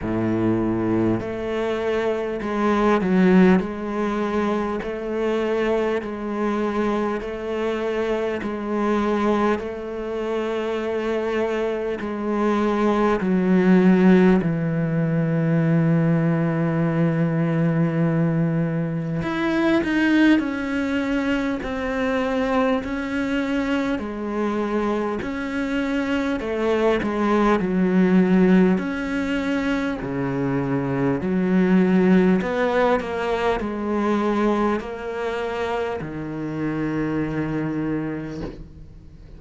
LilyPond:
\new Staff \with { instrumentName = "cello" } { \time 4/4 \tempo 4 = 50 a,4 a4 gis8 fis8 gis4 | a4 gis4 a4 gis4 | a2 gis4 fis4 | e1 |
e'8 dis'8 cis'4 c'4 cis'4 | gis4 cis'4 a8 gis8 fis4 | cis'4 cis4 fis4 b8 ais8 | gis4 ais4 dis2 | }